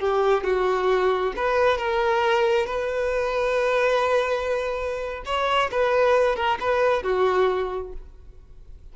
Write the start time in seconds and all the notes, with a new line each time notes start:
0.00 G4
0.44 F#4
1.37 B4
1.78 A#4
2.67 B4
5.26 C#5
5.72 B4
6.36 A#4
6.61 B4
7.04 F#4